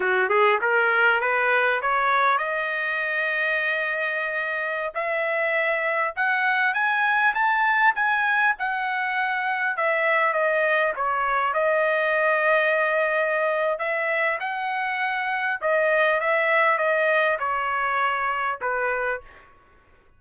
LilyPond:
\new Staff \with { instrumentName = "trumpet" } { \time 4/4 \tempo 4 = 100 fis'8 gis'8 ais'4 b'4 cis''4 | dis''1~ | dis''16 e''2 fis''4 gis''8.~ | gis''16 a''4 gis''4 fis''4.~ fis''16~ |
fis''16 e''4 dis''4 cis''4 dis''8.~ | dis''2. e''4 | fis''2 dis''4 e''4 | dis''4 cis''2 b'4 | }